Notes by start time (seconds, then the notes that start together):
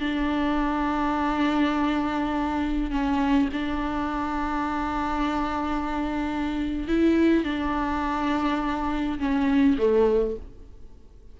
0.00 D4
2.90 C#4
3.53 D4
6.88 E4
7.44 D4
9.19 C#4
9.78 A3